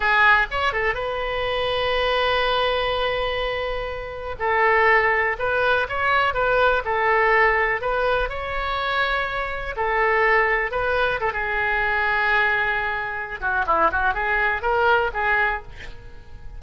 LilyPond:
\new Staff \with { instrumentName = "oboe" } { \time 4/4 \tempo 4 = 123 gis'4 cis''8 a'8 b'2~ | b'1~ | b'4 a'2 b'4 | cis''4 b'4 a'2 |
b'4 cis''2. | a'2 b'4 a'16 gis'8.~ | gis'2.~ gis'8 fis'8 | e'8 fis'8 gis'4 ais'4 gis'4 | }